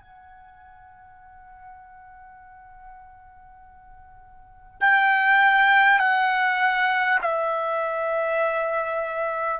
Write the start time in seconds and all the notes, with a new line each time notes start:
0.00 F#5
4.81 G5
5.98 F#5
7.21 E5